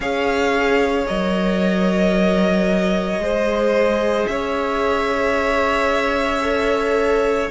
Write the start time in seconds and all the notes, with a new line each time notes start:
0.00 C#4 G#4 C#5 F5
1.06 F#3 A#4 D#5
3.18 G#3 G#4 C5
4.26 C#4 C#5 E5
6.42 A4